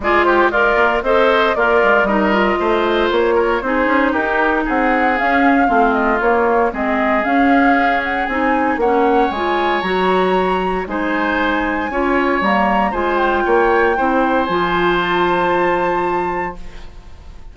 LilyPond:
<<
  \new Staff \with { instrumentName = "flute" } { \time 4/4 \tempo 4 = 116 d''8 c''8 d''4 dis''4 d''4 | dis''2 cis''4 c''4 | ais'4 fis''4 f''4. dis''8 | cis''4 dis''4 f''4. fis''8 |
gis''4 fis''4 gis''4 ais''4~ | ais''4 gis''2. | ais''4 gis''8 g''2~ g''8 | gis''4 a''2. | }
  \new Staff \with { instrumentName = "oboe" } { \time 4/4 gis'8 g'8 f'4 c''4 f'4 | ais'4 c''4. ais'8 gis'4 | g'4 gis'2 f'4~ | f'4 gis'2.~ |
gis'4 cis''2.~ | cis''4 c''2 cis''4~ | cis''4 c''4 cis''4 c''4~ | c''1 | }
  \new Staff \with { instrumentName = "clarinet" } { \time 4/4 f'4 ais'4 a'4 ais'4 | dis'8 f'2~ f'8 dis'4~ | dis'2 cis'4 c'4 | ais4 c'4 cis'2 |
dis'4 cis'4 f'4 fis'4~ | fis'4 dis'2 f'4 | ais4 f'2 e'4 | f'1 | }
  \new Staff \with { instrumentName = "bassoon" } { \time 4/4 gis4. ais8 c'4 ais8 gis8 | g4 a4 ais4 c'8 cis'8 | dis'4 c'4 cis'4 a4 | ais4 gis4 cis'2 |
c'4 ais4 gis4 fis4~ | fis4 gis2 cis'4 | g4 gis4 ais4 c'4 | f1 | }
>>